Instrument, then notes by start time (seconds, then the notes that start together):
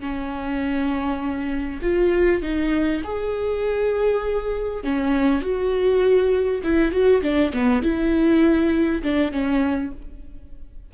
viola
0.00 C#4
1.82 F4
2.42 D#4
3.04 G#4
4.84 C#4
5.42 F#4
6.64 E4
6.92 F#4
7.22 D4
7.53 B3
7.82 E4
9.03 D4
9.31 C#4